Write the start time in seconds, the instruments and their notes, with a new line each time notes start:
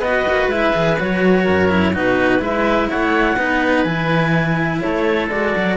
0.00 cello B3 F#4, oboe B4, clarinet D#5
0.28 cello A#3
0.47 cello G#3 E4, clarinet E5
0.73 cello E3 G#4
1.00 cello F#3 F#4, clarinet C#5
1.44 cello F#2, oboe A#4
1.70 cello E4
1.93 cello B2 D#4, oboe F#4, clarinet B4
2.40 cello G#3 E4, oboe B4, clarinet E5
2.90 cello A3, oboe C#5, clarinet F#5
3.37 cello B3 D#4, oboe B4
3.83 cello E3 E4, clarinet G#5
4.81 cello A3, oboe A4, clarinet C#5
5.29 cello G#3 F#4, clarinet D5
5.56 cello F#3